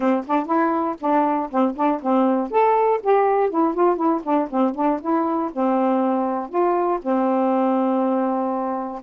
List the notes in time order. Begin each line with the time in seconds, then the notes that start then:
0.00 C4
0.27 D4
0.46 E4
1.00 D4
1.50 C4
1.76 D4
2.02 C4
2.50 A4
3.02 G4
3.50 E4
3.74 F4
3.96 E4
4.23 D4
4.50 C4
4.75 D4
5.01 E4
5.52 C4
6.49 F4
7.01 C4